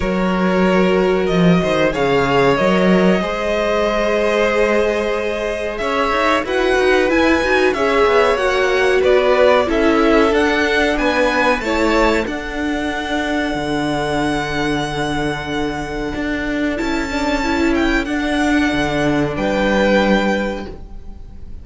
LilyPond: <<
  \new Staff \with { instrumentName = "violin" } { \time 4/4 \tempo 4 = 93 cis''2 dis''4 f''4 | dis''1~ | dis''4 e''4 fis''4 gis''4 | e''4 fis''4 d''4 e''4 |
fis''4 gis''4 a''4 fis''4~ | fis''1~ | fis''2 a''4. g''8 | fis''2 g''2 | }
  \new Staff \with { instrumentName = "violin" } { \time 4/4 ais'2~ ais'8 c''8 cis''4~ | cis''4 c''2.~ | c''4 cis''4 b'2 | cis''2 b'4 a'4~ |
a'4 b'4 cis''4 a'4~ | a'1~ | a'1~ | a'2 b'2 | }
  \new Staff \with { instrumentName = "viola" } { \time 4/4 fis'2. gis'4 | ais'4 gis'2.~ | gis'2 fis'4 e'8 fis'8 | gis'4 fis'2 e'4 |
d'2 e'4 d'4~ | d'1~ | d'2 e'8 d'8 e'4 | d'1 | }
  \new Staff \with { instrumentName = "cello" } { \time 4/4 fis2 f8 dis8 cis4 | fis4 gis2.~ | gis4 cis'8 dis'8 e'8 dis'8 e'8 dis'8 | cis'8 b8 ais4 b4 cis'4 |
d'4 b4 a4 d'4~ | d'4 d2.~ | d4 d'4 cis'2 | d'4 d4 g2 | }
>>